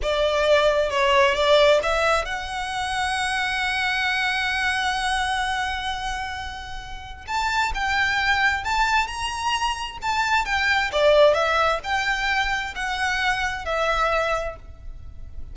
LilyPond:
\new Staff \with { instrumentName = "violin" } { \time 4/4 \tempo 4 = 132 d''2 cis''4 d''4 | e''4 fis''2.~ | fis''1~ | fis''1 |
a''4 g''2 a''4 | ais''2 a''4 g''4 | d''4 e''4 g''2 | fis''2 e''2 | }